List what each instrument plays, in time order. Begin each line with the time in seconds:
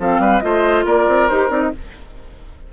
0.00 bassoon F3, clarinet C4, oboe A4, flute F5
0.19 bassoon G3, oboe B4
0.40 bassoon A3, clarinet F4, oboe C5, flute D#5
0.85 bassoon A#3, oboe A#4, flute D5
1.08 bassoon C4
1.29 bassoon D#4, clarinet G4, flute C5
1.49 bassoon C4, clarinet D#4, flute D5
1.61 flute D#5